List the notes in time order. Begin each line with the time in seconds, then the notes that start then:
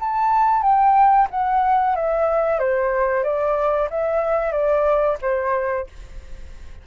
0.00 A5
0.63 G5
1.30 F#5
1.96 E5
2.59 C5
3.24 D5
3.90 E5
4.52 D5
5.22 C5